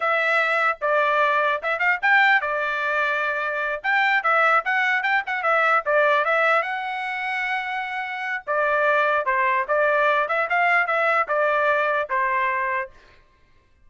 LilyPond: \new Staff \with { instrumentName = "trumpet" } { \time 4/4 \tempo 4 = 149 e''2 d''2 | e''8 f''8 g''4 d''2~ | d''4. g''4 e''4 fis''8~ | fis''8 g''8 fis''8 e''4 d''4 e''8~ |
e''8 fis''2.~ fis''8~ | fis''4 d''2 c''4 | d''4. e''8 f''4 e''4 | d''2 c''2 | }